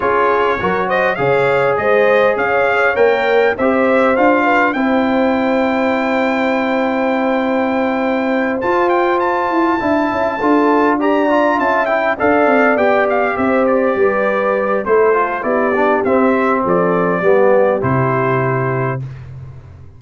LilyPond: <<
  \new Staff \with { instrumentName = "trumpet" } { \time 4/4 \tempo 4 = 101 cis''4. dis''8 f''4 dis''4 | f''4 g''4 e''4 f''4 | g''1~ | g''2~ g''8 a''8 g''8 a''8~ |
a''2~ a''8 ais''4 a''8 | g''8 f''4 g''8 f''8 e''8 d''4~ | d''4 c''4 d''4 e''4 | d''2 c''2 | }
  \new Staff \with { instrumentName = "horn" } { \time 4/4 gis'4 ais'8 c''8 cis''4 c''4 | cis''2 c''4. b'8 | c''1~ | c''1~ |
c''8 e''4 a'4 d''4 e''8~ | e''8 d''2 c''4 b'8~ | b'4 a'4 g'2 | a'4 g'2. | }
  \new Staff \with { instrumentName = "trombone" } { \time 4/4 f'4 fis'4 gis'2~ | gis'4 ais'4 g'4 f'4 | e'1~ | e'2~ e'8 f'4.~ |
f'8 e'4 f'4 g'8 f'4 | e'8 a'4 g'2~ g'8~ | g'4 e'8 f'8 e'8 d'8 c'4~ | c'4 b4 e'2 | }
  \new Staff \with { instrumentName = "tuba" } { \time 4/4 cis'4 fis4 cis4 gis4 | cis'4 ais4 c'4 d'4 | c'1~ | c'2~ c'8 f'4. |
e'8 d'8 cis'8 d'2 cis'8~ | cis'8 d'8 c'8 b4 c'4 g8~ | g4 a4 b4 c'4 | f4 g4 c2 | }
>>